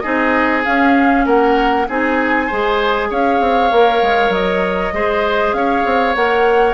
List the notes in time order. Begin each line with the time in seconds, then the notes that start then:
0.00 C4 D#4 G#4 D#5
0.65 C#4 F5
1.26 A#3 A#4 F#5
1.89 C4 D#4 G#4 G#5
2.47 G#3 G#4 C5
3.10 C#4 C#5 F5
3.40 C4
3.72 A#3 A#4
4.02 G#3
4.29 F#3 D#5
4.93 G#3 G#4 C5
5.53 C#4 C#5 F5
5.85 C4
6.15 A#3 A#4 F#5